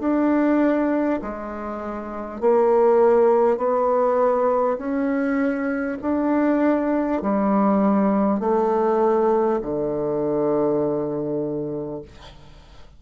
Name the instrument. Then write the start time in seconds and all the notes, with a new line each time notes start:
bassoon
0.00 D4
1.22 G#3
2.41 A#3
3.57 B3
4.78 C#4
6.02 D4
7.22 G3
8.40 A3
9.62 D3